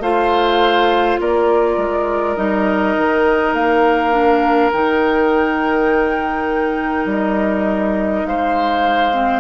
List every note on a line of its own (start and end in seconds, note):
0.00 1.18 A3
0.00 2.37 F4
0.00 1.20 C5
0.00 1.20 F5
1.20 1.77 A#3
1.20 8.27 A#4
1.20 2.36 D5
1.77 2.36 G#3
2.36 2.96 G3
2.36 4.13 D#4
2.36 3.54 D#5
2.97 3.53 D#3
3.53 4.71 A#3
3.53 4.72 F5
4.13 4.72 D4
4.73 7.06 D#3
4.73 9.14 D#4
4.73 7.08 G5
7.06 8.24 G3
7.06 8.26 D#5
8.26 9.41 G#3
8.26 9.41 C5
8.26 9.41 F5
9.14 9.41 C4